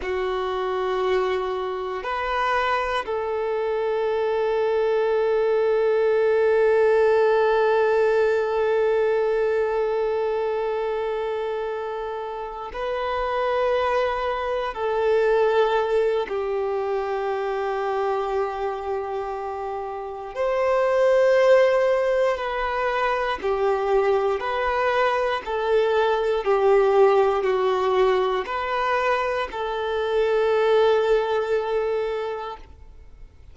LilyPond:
\new Staff \with { instrumentName = "violin" } { \time 4/4 \tempo 4 = 59 fis'2 b'4 a'4~ | a'1~ | a'1~ | a'8 b'2 a'4. |
g'1 | c''2 b'4 g'4 | b'4 a'4 g'4 fis'4 | b'4 a'2. | }